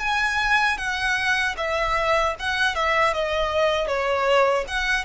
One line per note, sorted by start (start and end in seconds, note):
0.00 0.78 G#5
0.78 1.56 F#5
1.58 2.36 E5
2.40 2.76 F#5
2.76 3.14 E5
3.14 3.87 D#5
3.87 4.65 C#5
4.68 5.05 F#5